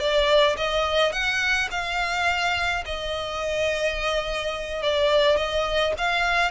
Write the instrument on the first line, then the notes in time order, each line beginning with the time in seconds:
violin
0.00 D5
0.58 D#5
1.13 F#5
1.71 F5
2.86 D#5
4.83 D5
5.37 D#5
5.98 F5